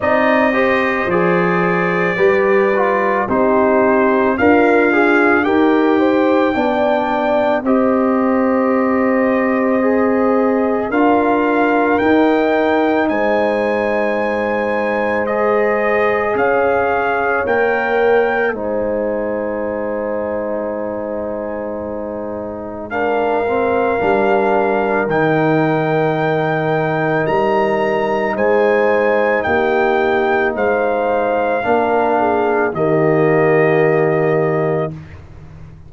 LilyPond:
<<
  \new Staff \with { instrumentName = "trumpet" } { \time 4/4 \tempo 4 = 55 dis''4 d''2 c''4 | f''4 g''2 dis''4~ | dis''2 f''4 g''4 | gis''2 dis''4 f''4 |
g''4 gis''2.~ | gis''4 f''2 g''4~ | g''4 ais''4 gis''4 g''4 | f''2 dis''2 | }
  \new Staff \with { instrumentName = "horn" } { \time 4/4 d''8 c''4. b'4 g'4 | f'4 ais'8 c''8 d''4 c''4~ | c''2 ais'2 | c''2. cis''4~ |
cis''4 c''2.~ | c''4 ais'2.~ | ais'2 c''4 g'4 | c''4 ais'8 gis'8 g'2 | }
  \new Staff \with { instrumentName = "trombone" } { \time 4/4 dis'8 g'8 gis'4 g'8 f'8 dis'4 | ais'8 gis'8 g'4 d'4 g'4~ | g'4 gis'4 f'4 dis'4~ | dis'2 gis'2 |
ais'4 dis'2.~ | dis'4 d'8 c'8 d'4 dis'4~ | dis'1~ | dis'4 d'4 ais2 | }
  \new Staff \with { instrumentName = "tuba" } { \time 4/4 c'4 f4 g4 c'4 | d'4 dis'4 b4 c'4~ | c'2 d'4 dis'4 | gis2. cis'4 |
ais4 gis2.~ | gis2 g4 dis4~ | dis4 g4 gis4 ais4 | gis4 ais4 dis2 | }
>>